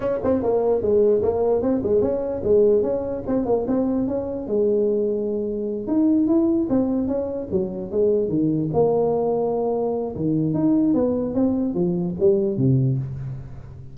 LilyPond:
\new Staff \with { instrumentName = "tuba" } { \time 4/4 \tempo 4 = 148 cis'8 c'8 ais4 gis4 ais4 | c'8 gis8 cis'4 gis4 cis'4 | c'8 ais8 c'4 cis'4 gis4~ | gis2~ gis8 dis'4 e'8~ |
e'8 c'4 cis'4 fis4 gis8~ | gis8 dis4 ais2~ ais8~ | ais4 dis4 dis'4 b4 | c'4 f4 g4 c4 | }